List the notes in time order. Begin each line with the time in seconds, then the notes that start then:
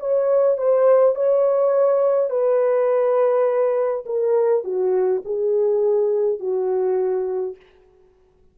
0.00 C#5
0.58 C5
1.16 C#5
2.30 B4
4.06 A#4
4.64 F#4
5.25 G#4
6.40 F#4